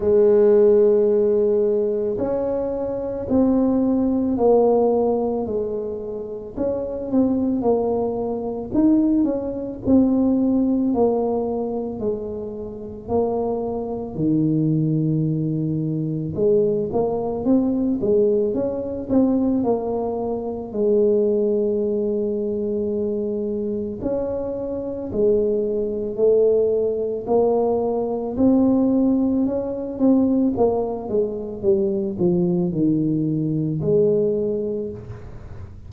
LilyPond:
\new Staff \with { instrumentName = "tuba" } { \time 4/4 \tempo 4 = 55 gis2 cis'4 c'4 | ais4 gis4 cis'8 c'8 ais4 | dis'8 cis'8 c'4 ais4 gis4 | ais4 dis2 gis8 ais8 |
c'8 gis8 cis'8 c'8 ais4 gis4~ | gis2 cis'4 gis4 | a4 ais4 c'4 cis'8 c'8 | ais8 gis8 g8 f8 dis4 gis4 | }